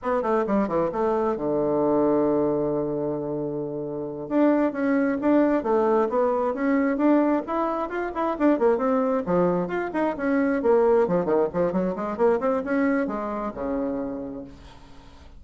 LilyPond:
\new Staff \with { instrumentName = "bassoon" } { \time 4/4 \tempo 4 = 133 b8 a8 g8 e8 a4 d4~ | d1~ | d4. d'4 cis'4 d'8~ | d'8 a4 b4 cis'4 d'8~ |
d'8 e'4 f'8 e'8 d'8 ais8 c'8~ | c'8 f4 f'8 dis'8 cis'4 ais8~ | ais8 f8 dis8 f8 fis8 gis8 ais8 c'8 | cis'4 gis4 cis2 | }